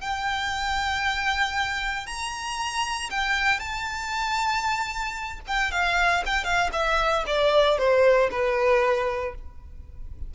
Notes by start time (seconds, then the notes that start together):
0.00 G5
2.06 A#5
3.10 G5
3.59 A5
5.47 G5
5.71 F5
6.26 G5
6.44 F5
6.72 E5
7.26 D5
7.78 C5
8.31 B4